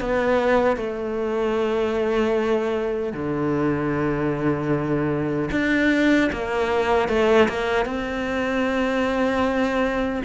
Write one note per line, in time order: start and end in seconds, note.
0.00 0.76 B3
0.76 3.13 A3
3.13 5.49 D3
5.51 6.30 D4
6.32 7.08 A#3
7.08 7.48 A3
7.49 7.85 A#3
7.85 10.22 C4